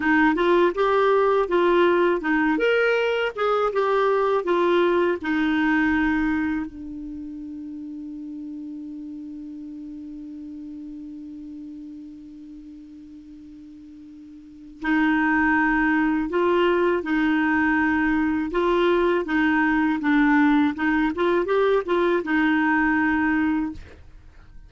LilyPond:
\new Staff \with { instrumentName = "clarinet" } { \time 4/4 \tempo 4 = 81 dis'8 f'8 g'4 f'4 dis'8 ais'8~ | ais'8 gis'8 g'4 f'4 dis'4~ | dis'4 d'2.~ | d'1~ |
d'1 | dis'2 f'4 dis'4~ | dis'4 f'4 dis'4 d'4 | dis'8 f'8 g'8 f'8 dis'2 | }